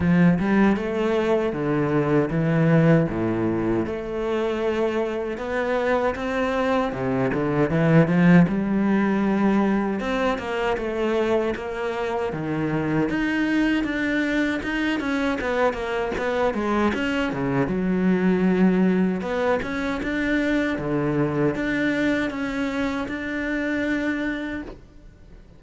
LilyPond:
\new Staff \with { instrumentName = "cello" } { \time 4/4 \tempo 4 = 78 f8 g8 a4 d4 e4 | a,4 a2 b4 | c'4 c8 d8 e8 f8 g4~ | g4 c'8 ais8 a4 ais4 |
dis4 dis'4 d'4 dis'8 cis'8 | b8 ais8 b8 gis8 cis'8 cis8 fis4~ | fis4 b8 cis'8 d'4 d4 | d'4 cis'4 d'2 | }